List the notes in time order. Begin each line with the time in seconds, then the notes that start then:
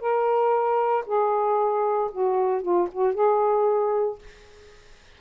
0.00 A#4
1.06 G#4
2.12 F#4
2.62 F4
2.92 F#4
3.14 G#4